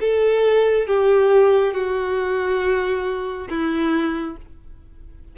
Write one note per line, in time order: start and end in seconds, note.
0.00 0.87 A4
0.87 1.74 G4
1.74 3.48 F#4
3.49 4.36 E4